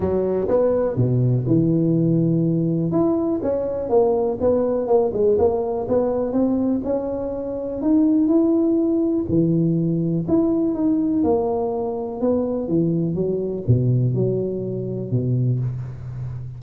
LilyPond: \new Staff \with { instrumentName = "tuba" } { \time 4/4 \tempo 4 = 123 fis4 b4 b,4 e4~ | e2 e'4 cis'4 | ais4 b4 ais8 gis8 ais4 | b4 c'4 cis'2 |
dis'4 e'2 e4~ | e4 e'4 dis'4 ais4~ | ais4 b4 e4 fis4 | b,4 fis2 b,4 | }